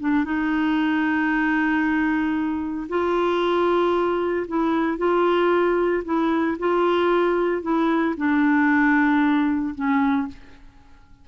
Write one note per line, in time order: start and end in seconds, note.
0.00 0.25 D4
0.25 2.88 D#4
2.89 4.47 F4
4.48 4.98 E4
4.98 6.03 F4
6.05 6.58 E4
6.59 7.62 F4
7.62 8.15 E4
8.17 9.75 D4
9.75 10.28 C#4